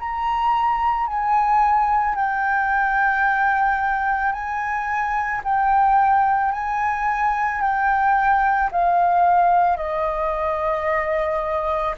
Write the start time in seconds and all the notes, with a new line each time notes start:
0.00 A#5
1.07 G#5
2.16 G5
4.32 G#5
5.44 G5
6.53 G#5
7.62 G5
8.72 F5
9.77 D#5